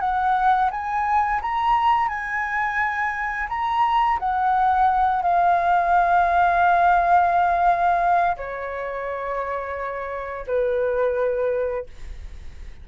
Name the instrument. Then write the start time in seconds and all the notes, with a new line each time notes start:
flute
0.00 F#5
0.71 G#5
1.41 A#5
2.08 G#5
3.49 A#5
4.19 F#5
5.22 F5
8.37 C#5
10.47 B4